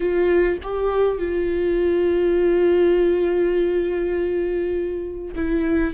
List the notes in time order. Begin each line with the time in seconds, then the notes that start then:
0.00 F4
0.62 G4
1.18 F4
5.35 E4